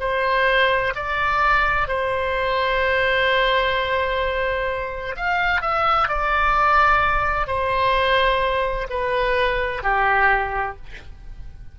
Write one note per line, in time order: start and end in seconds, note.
0.00 0.94 C5
0.96 1.88 D5
1.88 5.16 C5
5.16 5.62 F5
5.62 6.09 E5
6.09 7.47 D5
7.47 8.88 C5
8.90 9.83 B4
9.83 10.77 G4